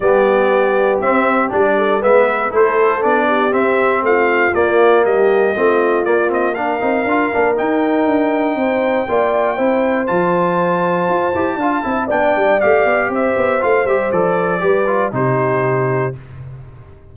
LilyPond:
<<
  \new Staff \with { instrumentName = "trumpet" } { \time 4/4 \tempo 4 = 119 d''2 e''4 d''4 | e''4 c''4 d''4 e''4 | f''4 d''4 dis''2 | d''8 dis''8 f''2 g''4~ |
g''1 | a''1 | g''4 f''4 e''4 f''8 e''8 | d''2 c''2 | }
  \new Staff \with { instrumentName = "horn" } { \time 4/4 g'2.~ g'8 a'8 | b'4 a'4. g'4. | f'2 g'4 f'4~ | f'4 ais'2.~ |
ais'4 c''4 d''4 c''4~ | c''2. f''8 e''8 | d''2 c''2~ | c''4 b'4 g'2 | }
  \new Staff \with { instrumentName = "trombone" } { \time 4/4 b2 c'4 d'4 | b4 e'4 d'4 c'4~ | c'4 ais2 c'4 | ais8 c'8 d'8 dis'8 f'8 d'8 dis'4~ |
dis'2 f'4 e'4 | f'2~ f'8 g'8 f'8 e'8 | d'4 g'2 f'8 g'8 | a'4 g'8 f'8 dis'2 | }
  \new Staff \with { instrumentName = "tuba" } { \time 4/4 g2 c'4 g4 | gis4 a4 b4 c'4 | a4 ais4 g4 a4 | ais4. c'8 d'8 ais8 dis'4 |
d'4 c'4 ais4 c'4 | f2 f'8 e'8 d'8 c'8 | b8 g8 a8 b8 c'8 b8 a8 g8 | f4 g4 c2 | }
>>